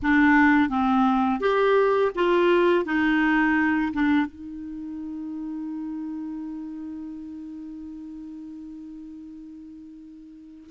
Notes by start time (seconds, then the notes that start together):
0.02 D4
0.69 C4
1.40 G4
2.15 F4
2.85 D#4
3.93 D4
4.26 D#4